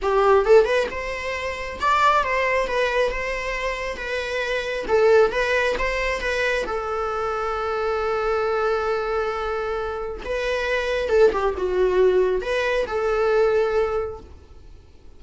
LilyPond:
\new Staff \with { instrumentName = "viola" } { \time 4/4 \tempo 4 = 135 g'4 a'8 b'8 c''2 | d''4 c''4 b'4 c''4~ | c''4 b'2 a'4 | b'4 c''4 b'4 a'4~ |
a'1~ | a'2. b'4~ | b'4 a'8 g'8 fis'2 | b'4 a'2. | }